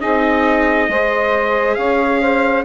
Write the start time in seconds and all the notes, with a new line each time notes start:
0.00 C4 D#4 G#4 D#5
0.89 G#3 G#4 C5
1.75 C#4 C#5 F5
2.21 C5